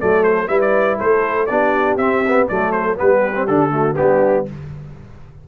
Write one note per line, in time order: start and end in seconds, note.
0.00 0.49 F#3
0.00 0.49 A3
0.00 0.48 A4
0.00 0.24 D5
0.24 0.48 C5
0.48 0.99 G3
0.48 1.48 E4
0.48 0.98 B4
0.48 0.60 E5
0.61 0.99 D5
0.98 1.50 A3
0.98 1.48 A4
0.98 1.46 C5
1.46 1.97 B3
1.46 1.99 D4
1.46 2.49 G4
1.46 1.96 D5
1.97 2.47 C4
1.97 2.24 C4
1.97 2.47 E5
2.28 2.51 B3
2.49 3.00 F#3
2.49 2.95 A3
2.49 2.99 A4
2.49 2.72 D5
2.72 2.97 C5
2.95 3.49 G3
2.95 3.33 B3
2.95 3.73 G4
2.95 3.47 B4
3.35 3.48 C4
3.47 3.98 D3
3.47 3.71 D4
3.47 3.96 A4
3.71 3.95 A3
3.71 3.97 F#4
3.96 4.48 G3
3.96 4.46 B3
3.96 4.46 D4
3.96 4.46 G4